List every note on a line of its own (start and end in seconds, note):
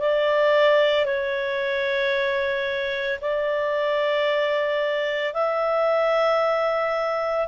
0.00 1.05 D5
1.05 3.19 C#5
3.21 5.34 D5
5.34 7.48 E5